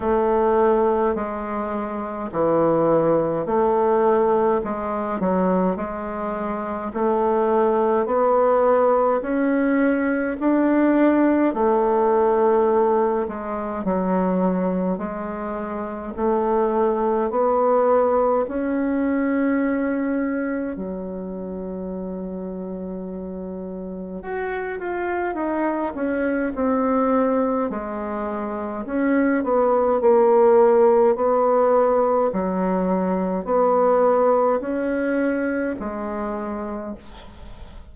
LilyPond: \new Staff \with { instrumentName = "bassoon" } { \time 4/4 \tempo 4 = 52 a4 gis4 e4 a4 | gis8 fis8 gis4 a4 b4 | cis'4 d'4 a4. gis8 | fis4 gis4 a4 b4 |
cis'2 fis2~ | fis4 fis'8 f'8 dis'8 cis'8 c'4 | gis4 cis'8 b8 ais4 b4 | fis4 b4 cis'4 gis4 | }